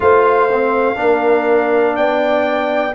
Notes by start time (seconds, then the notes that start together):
0.00 A3 F4 C5 F5
0.51 C4
0.95 A#3 D4 A#4
1.96 B3 D5 G5